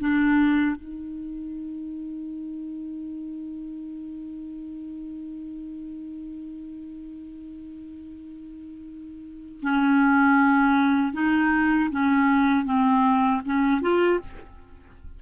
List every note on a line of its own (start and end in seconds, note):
0.00 0.76 D4
0.76 9.60 D#4
9.62 11.13 C#4
11.13 11.90 D#4
11.91 12.65 C#4
12.65 13.42 C4
13.45 13.81 C#4
13.81 14.20 F4